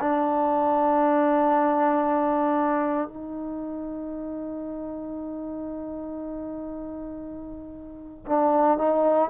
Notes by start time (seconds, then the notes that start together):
0.00 D4
3.08 D#4
8.26 D4
8.77 D#4